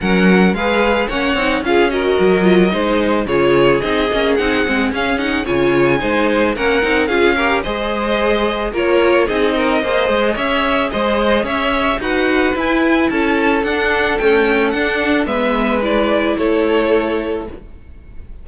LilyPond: <<
  \new Staff \with { instrumentName = "violin" } { \time 4/4 \tempo 4 = 110 fis''4 f''4 fis''4 f''8 dis''8~ | dis''2 cis''4 dis''4 | fis''4 f''8 fis''8 gis''2 | fis''4 f''4 dis''2 |
cis''4 dis''2 e''4 | dis''4 e''4 fis''4 gis''4 | a''4 fis''4 g''4 fis''4 | e''4 d''4 cis''2 | }
  \new Staff \with { instrumentName = "violin" } { \time 4/4 ais'4 b'4 cis''4 gis'8 ais'8~ | ais'4 c''4 gis'2~ | gis'2 cis''4 c''4 | ais'4 gis'8 ais'8 c''2 |
ais'4 gis'8 ais'8 c''4 cis''4 | c''4 cis''4 b'2 | a'1 | b'2 a'2 | }
  \new Staff \with { instrumentName = "viola" } { \time 4/4 cis'4 gis'4 cis'8 dis'8 f'8 fis'8~ | fis'8 f'8 dis'4 f'4 dis'8 cis'8 | dis'8 c'8 cis'8 dis'8 f'4 dis'4 | cis'8 dis'8 f'8 g'8 gis'2 |
f'4 dis'4 gis'2~ | gis'2 fis'4 e'4~ | e'4 d'4 a4 d'4 | b4 e'2. | }
  \new Staff \with { instrumentName = "cello" } { \time 4/4 fis4 gis4 ais8 c'8 cis'4 | fis4 gis4 cis4 c'8 ais8 | c'8 gis8 cis'4 cis4 gis4 | ais8 c'8 cis'4 gis2 |
ais4 c'4 ais8 gis8 cis'4 | gis4 cis'4 dis'4 e'4 | cis'4 d'4 cis'4 d'4 | gis2 a2 | }
>>